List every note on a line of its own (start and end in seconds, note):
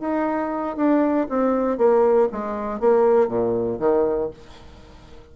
0.00 0.76 D#4
0.76 1.27 D4
1.29 1.78 C4
1.78 2.28 A#3
2.32 2.80 G#3
2.80 3.28 A#3
3.28 3.79 A#2
3.79 4.30 D#3